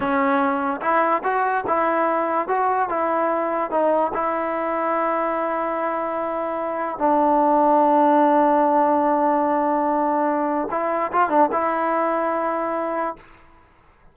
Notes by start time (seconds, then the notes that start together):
0.00 C#4
0.81 E4
1.23 F#4
1.67 E4
2.48 F#4
2.89 E4
3.70 D#4
4.13 E4
6.98 D4
10.70 E4
11.12 F4
11.29 D4
11.52 E4